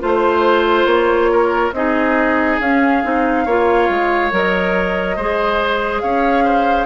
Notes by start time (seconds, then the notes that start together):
0.00 A3 F4 C5
0.06 C5
0.86 A#3 C#5
1.31 A#4
1.72 C4 D#4 G#4 D#5
2.60 C#4 F5
3.03 C4 D#4
3.45 A#3 F4 C#5
3.90 G#3
4.31 F#3 A#4 D#5
5.16 G#3 G#4 C5
6.01 C#4 C#5 F5
6.44 C5